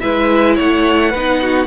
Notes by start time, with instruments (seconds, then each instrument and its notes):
0.00 cello G#3, viola E4, violin B4 E5
0.56 cello A3, violin C#5 F#5
1.11 cello B3, viola D#4, violin B4
1.42 violin F#4